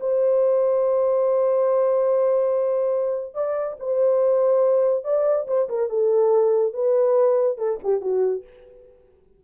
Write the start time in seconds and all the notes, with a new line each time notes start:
0.00 C5
3.34 D5
3.79 C5
5.04 D5
5.47 C5
5.69 A#4
5.89 A4
6.73 B4
7.58 A4
7.83 G4
8.01 F#4